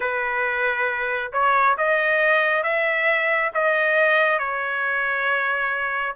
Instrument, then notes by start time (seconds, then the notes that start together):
trumpet
0.00 B4
1.32 C#5
1.77 D#5
2.63 E5
3.53 D#5
4.38 C#5